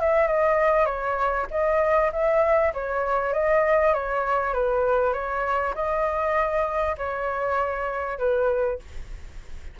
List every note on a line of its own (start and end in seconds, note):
0.00 0.27 E5
0.27 0.85 D#5
0.85 1.46 C#5
1.51 2.11 D#5
2.12 2.73 E5
2.74 3.33 C#5
3.33 3.93 D#5
3.93 4.53 C#5
4.53 5.13 B4
5.13 5.74 C#5
5.75 6.96 D#5
6.98 8.18 C#5
8.18 8.79 B4